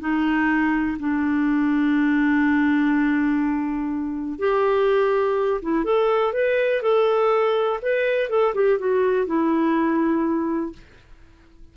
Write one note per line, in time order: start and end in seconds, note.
0.00 0.98 D#4
0.99 4.39 D4
4.39 5.61 G4
5.62 5.84 E4
5.84 6.33 A4
6.33 6.82 B4
6.82 7.80 A4
7.82 8.30 B4
8.30 8.54 A4
8.54 8.79 G4
8.79 9.26 F#4
9.26 10.73 E4